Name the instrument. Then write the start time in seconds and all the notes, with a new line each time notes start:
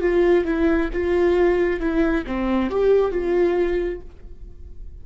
viola
0.00 F4
0.45 E4
0.93 F4
1.80 E4
2.26 C4
2.70 G4
3.11 F4